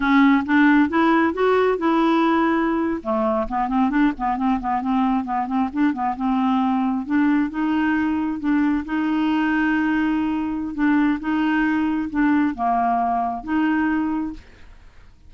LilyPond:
\new Staff \with { instrumentName = "clarinet" } { \time 4/4 \tempo 4 = 134 cis'4 d'4 e'4 fis'4 | e'2~ e'8. a4 b16~ | b16 c'8 d'8 b8 c'8 b8 c'4 b16~ | b16 c'8 d'8 b8 c'2 d'16~ |
d'8. dis'2 d'4 dis'16~ | dis'1 | d'4 dis'2 d'4 | ais2 dis'2 | }